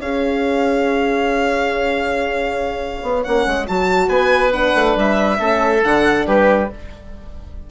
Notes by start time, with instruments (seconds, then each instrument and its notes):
0.00 bassoon C#4, horn G#4, oboe C#5, violin F5
3.02 bassoon B3
3.23 bassoon A#3, horn C#4, violin F#5
3.46 bassoon G#3
3.67 bassoon F#3, horn F#4, violin A5
4.08 bassoon B3, oboe B4, violin G#5
4.52 horn D4, violin F#5
4.75 bassoon A3
4.96 bassoon G3, violin E5
5.38 bassoon A3, horn C#4, oboe A4
5.83 bassoon D3, horn D4, violin F#5
6.26 bassoon G3, oboe G4, violin B4